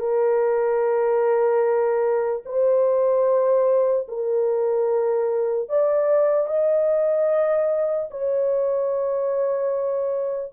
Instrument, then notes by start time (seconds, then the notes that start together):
horn
0.00 A#4
2.46 C5
4.09 A#4
5.69 D5
6.48 D#5
8.11 C#5